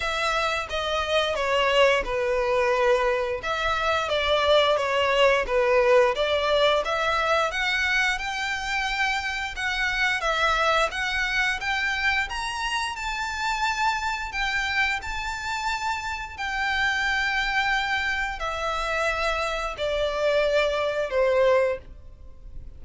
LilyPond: \new Staff \with { instrumentName = "violin" } { \time 4/4 \tempo 4 = 88 e''4 dis''4 cis''4 b'4~ | b'4 e''4 d''4 cis''4 | b'4 d''4 e''4 fis''4 | g''2 fis''4 e''4 |
fis''4 g''4 ais''4 a''4~ | a''4 g''4 a''2 | g''2. e''4~ | e''4 d''2 c''4 | }